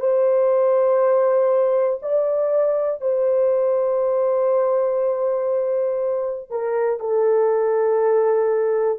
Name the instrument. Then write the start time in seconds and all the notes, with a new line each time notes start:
horn
0.00 C5
2.02 D5
3.01 C5
6.50 A#4
7.00 A4